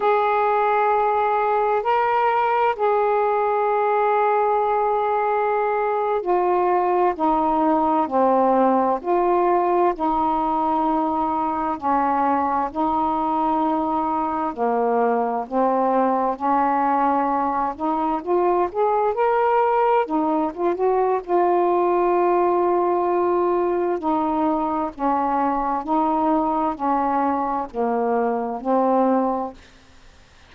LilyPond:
\new Staff \with { instrumentName = "saxophone" } { \time 4/4 \tempo 4 = 65 gis'2 ais'4 gis'4~ | gis'2~ gis'8. f'4 dis'16~ | dis'8. c'4 f'4 dis'4~ dis'16~ | dis'8. cis'4 dis'2 ais16~ |
ais8. c'4 cis'4. dis'8 f'16~ | f'16 gis'8 ais'4 dis'8 f'16 fis'8 f'4~ | f'2 dis'4 cis'4 | dis'4 cis'4 ais4 c'4 | }